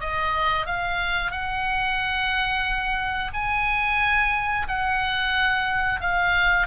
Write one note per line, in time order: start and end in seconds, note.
0.00 0.66 D#5
0.66 1.32 F5
1.32 3.32 F#5
3.33 4.67 G#5
4.68 6.00 F#5
6.00 6.67 F5